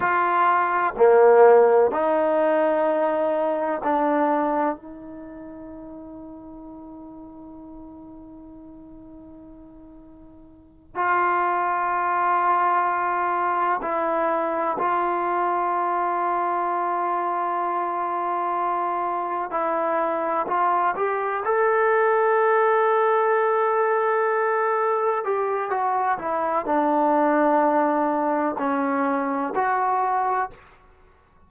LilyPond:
\new Staff \with { instrumentName = "trombone" } { \time 4/4 \tempo 4 = 63 f'4 ais4 dis'2 | d'4 dis'2.~ | dis'2.~ dis'8 f'8~ | f'2~ f'8 e'4 f'8~ |
f'1~ | f'8 e'4 f'8 g'8 a'4.~ | a'2~ a'8 g'8 fis'8 e'8 | d'2 cis'4 fis'4 | }